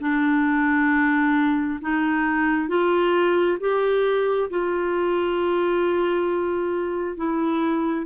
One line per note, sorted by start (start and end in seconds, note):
0.00 1.79 D4
1.81 2.68 D#4
2.68 3.57 F4
3.60 4.49 G4
4.49 7.16 F4
7.16 8.06 E4